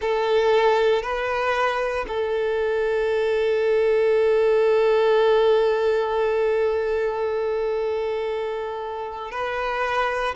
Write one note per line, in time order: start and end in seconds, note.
0.01 1.02 A4
1.02 2.05 B4
2.08 9.31 A4
9.31 10.34 B4